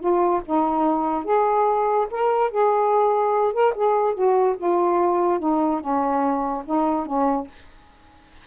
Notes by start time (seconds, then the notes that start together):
0.00 F4
0.45 D#4
1.25 G#4
2.11 A#4
2.51 G#4
3.53 A#4
3.75 G#4
4.15 F#4
4.57 F4
5.39 D#4
5.80 C#4
6.65 D#4
7.06 C#4